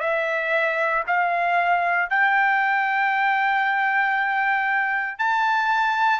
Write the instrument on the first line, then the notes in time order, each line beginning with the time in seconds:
trumpet
0.00 E5
1.07 F5
2.10 G5
5.18 A5